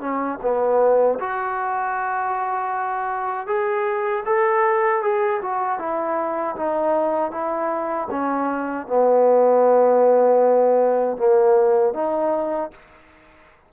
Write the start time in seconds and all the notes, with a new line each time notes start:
0.00 C#4
0.42 B3
1.19 F#4
3.47 G#4
4.26 A4
5.02 G#4
5.41 F#4
5.79 E4
6.56 D#4
7.31 E4
8.10 C#4
8.87 B3
11.17 A#3
11.93 D#4